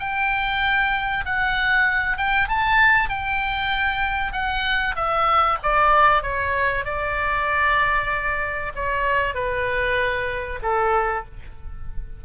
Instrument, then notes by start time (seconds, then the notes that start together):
oboe
0.00 G5
1.26 F#5
2.18 G5
2.49 A5
3.10 G5
4.33 F#5
4.96 E5
5.63 D5
6.23 C#5
6.85 D5
8.75 C#5
9.35 B4
10.63 A4